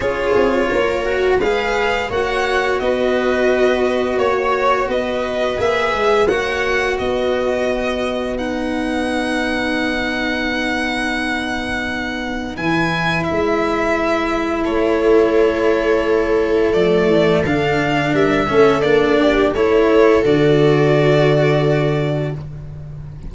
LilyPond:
<<
  \new Staff \with { instrumentName = "violin" } { \time 4/4 \tempo 4 = 86 cis''2 f''4 fis''4 | dis''2 cis''4 dis''4 | e''4 fis''4 dis''2 | fis''1~ |
fis''2 gis''4 e''4~ | e''4 cis''2. | d''4 f''4 e''4 d''4 | cis''4 d''2. | }
  \new Staff \with { instrumentName = "viola" } { \time 4/4 gis'4 ais'4 b'4 cis''4 | b'2 cis''4 b'4~ | b'4 cis''4 b'2~ | b'1~ |
b'1~ | b'4 a'2.~ | a'2 ais'8 a'4 g'8 | a'1 | }
  \new Staff \with { instrumentName = "cello" } { \time 4/4 f'4. fis'8 gis'4 fis'4~ | fis'1 | gis'4 fis'2. | dis'1~ |
dis'2 e'2~ | e'1 | a4 d'4. cis'8 d'4 | e'4 fis'2. | }
  \new Staff \with { instrumentName = "tuba" } { \time 4/4 cis'8 c'8 ais4 gis4 ais4 | b2 ais4 b4 | ais8 gis8 ais4 b2~ | b1~ |
b2 e4 gis4~ | gis4 a2. | f8 e8 d4 g8 a8 ais4 | a4 d2. | }
>>